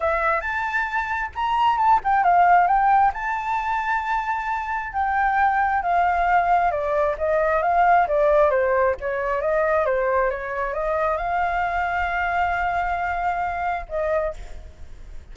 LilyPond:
\new Staff \with { instrumentName = "flute" } { \time 4/4 \tempo 4 = 134 e''4 a''2 ais''4 | a''8 g''8 f''4 g''4 a''4~ | a''2. g''4~ | g''4 f''2 d''4 |
dis''4 f''4 d''4 c''4 | cis''4 dis''4 c''4 cis''4 | dis''4 f''2.~ | f''2. dis''4 | }